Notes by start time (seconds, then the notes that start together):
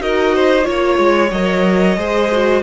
0.00 D#4 F#4 A#4 D#5
0.35 C5
0.64 A#3 F4 C#5
0.99 G#3
1.31 F#3 A#4 D#5
1.97 G#3 G#4 C5
2.32 F#4